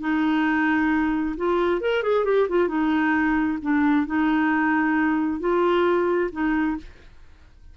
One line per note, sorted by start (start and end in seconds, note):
0.00 1.35 D#4
1.37 1.81 F4
1.81 2.03 A#4
2.03 2.25 G#4
2.25 2.47 G4
2.49 2.68 F4
2.68 3.58 D#4
3.62 4.06 D4
4.06 5.40 D#4
5.40 6.30 F4
6.32 6.77 D#4